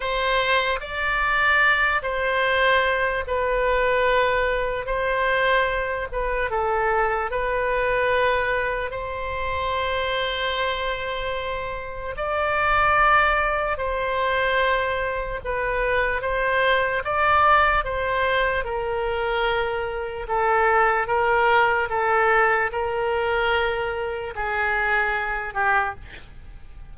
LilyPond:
\new Staff \with { instrumentName = "oboe" } { \time 4/4 \tempo 4 = 74 c''4 d''4. c''4. | b'2 c''4. b'8 | a'4 b'2 c''4~ | c''2. d''4~ |
d''4 c''2 b'4 | c''4 d''4 c''4 ais'4~ | ais'4 a'4 ais'4 a'4 | ais'2 gis'4. g'8 | }